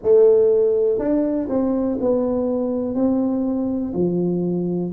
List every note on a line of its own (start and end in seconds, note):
0.02 0.98 A3
0.98 1.48 D4
1.49 1.98 C4
2.00 2.95 B3
2.95 3.93 C4
3.93 4.92 F3